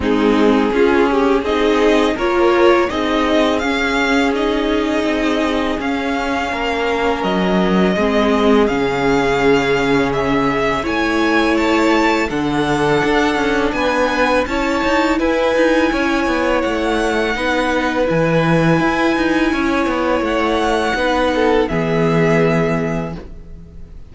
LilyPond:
<<
  \new Staff \with { instrumentName = "violin" } { \time 4/4 \tempo 4 = 83 gis'2 dis''4 cis''4 | dis''4 f''4 dis''2 | f''2 dis''2 | f''2 e''4 gis''4 |
a''4 fis''2 gis''4 | a''4 gis''2 fis''4~ | fis''4 gis''2. | fis''2 e''2 | }
  \new Staff \with { instrumentName = "violin" } { \time 4/4 dis'4 f'8 g'8 gis'4 ais'4 | gis'1~ | gis'4 ais'2 gis'4~ | gis'2. cis''4~ |
cis''4 a'2 b'4 | cis''4 b'4 cis''2 | b'2. cis''4~ | cis''4 b'8 a'8 gis'2 | }
  \new Staff \with { instrumentName = "viola" } { \time 4/4 c'4 cis'4 dis'4 f'4 | dis'4 cis'4 dis'2 | cis'2. c'4 | cis'2. e'4~ |
e'4 d'2. | e'1 | dis'4 e'2.~ | e'4 dis'4 b2 | }
  \new Staff \with { instrumentName = "cello" } { \time 4/4 gis4 cis'4 c'4 ais4 | c'4 cis'2 c'4 | cis'4 ais4 fis4 gis4 | cis2. a4~ |
a4 d4 d'8 cis'8 b4 | cis'8 dis'8 e'8 dis'8 cis'8 b8 a4 | b4 e4 e'8 dis'8 cis'8 b8 | a4 b4 e2 | }
>>